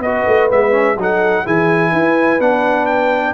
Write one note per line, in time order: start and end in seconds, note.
0.00 0.24 B3
0.00 0.50 F#4
0.00 0.99 B4
0.00 0.50 D#5
0.27 0.51 A3
0.50 0.97 G#3
0.50 0.72 B3
0.50 0.99 E5
0.72 0.95 C#4
0.97 1.44 F#3
0.97 1.46 D#4
0.97 1.45 A4
0.97 1.47 F#5
1.45 1.93 E3
1.45 2.40 E4
1.45 1.92 G#4
1.45 2.41 G#5
1.92 2.40 E4
1.92 3.34 B4
2.40 3.34 B3
2.40 3.34 D4
2.40 2.86 F#5
2.86 3.34 G5